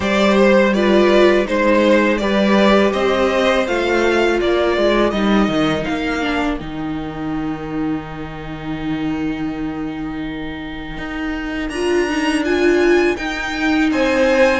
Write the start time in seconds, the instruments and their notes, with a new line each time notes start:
0.00 cello G3, viola G4, violin C5 D5
0.37 violin C5
0.73 viola F4, violin B4 D5
1.45 cello G#3, viola D#4, violin C5
2.17 cello G3, viola G4, violin B4 D5
2.92 cello C4, violin C5 D#5
3.66 cello A3, viola F4, violin F5
4.37 cello A#3, violin A#4 D5
4.77 cello G#3
5.10 cello G3, viola D#4, violin D#5
5.48 cello D#3
5.84 cello A#3, violin F5
6.21 viola D4
6.57 cello D#3, viola D#4, violin G5
10.97 cello D#4
11.69 cello D4, viola F4, violin A#5
12.08 viola D#4
12.44 viola F4, violin G#5
13.16 viola D#4, cello D#4, violin G5
13.91 cello C4, violin C5 G#5